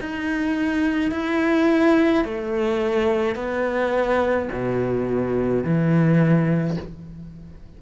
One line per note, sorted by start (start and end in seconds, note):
0.00 1.11 D#4
1.11 2.24 E4
2.24 3.36 A3
3.36 4.48 B3
4.52 5.63 B2
5.63 6.77 E3